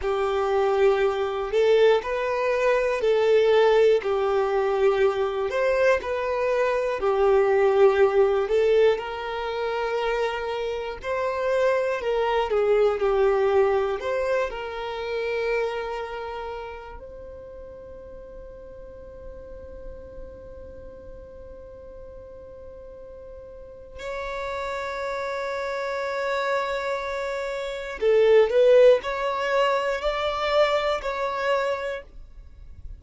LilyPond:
\new Staff \with { instrumentName = "violin" } { \time 4/4 \tempo 4 = 60 g'4. a'8 b'4 a'4 | g'4. c''8 b'4 g'4~ | g'8 a'8 ais'2 c''4 | ais'8 gis'8 g'4 c''8 ais'4.~ |
ais'4 c''2.~ | c''1 | cis''1 | a'8 b'8 cis''4 d''4 cis''4 | }